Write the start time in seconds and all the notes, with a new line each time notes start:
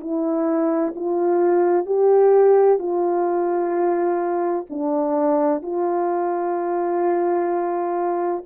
0.00 E4
0.95 F4
1.85 G4
2.78 F4
4.69 D4
5.62 F4